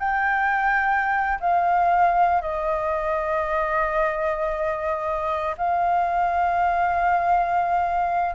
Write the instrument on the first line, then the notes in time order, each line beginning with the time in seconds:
flute
0.00 G5
1.41 F5
2.42 D#5
5.58 F5